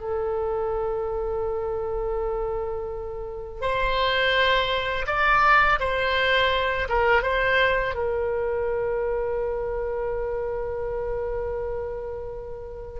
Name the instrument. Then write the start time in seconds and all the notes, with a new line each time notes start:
oboe
0.00 A4
3.61 C5
5.06 D5
5.79 C5
6.89 A#4
7.22 C5
7.95 A#4